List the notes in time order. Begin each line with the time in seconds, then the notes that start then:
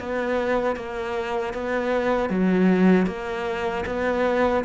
0.00 B3
0.76 A#3
1.54 B3
2.30 F#3
3.07 A#3
3.86 B3